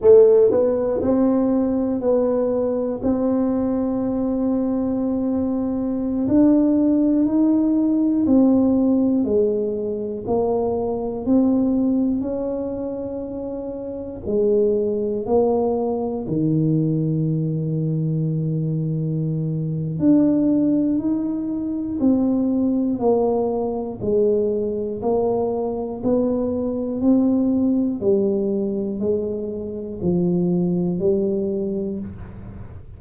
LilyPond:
\new Staff \with { instrumentName = "tuba" } { \time 4/4 \tempo 4 = 60 a8 b8 c'4 b4 c'4~ | c'2~ c'16 d'4 dis'8.~ | dis'16 c'4 gis4 ais4 c'8.~ | c'16 cis'2 gis4 ais8.~ |
ais16 dis2.~ dis8. | d'4 dis'4 c'4 ais4 | gis4 ais4 b4 c'4 | g4 gis4 f4 g4 | }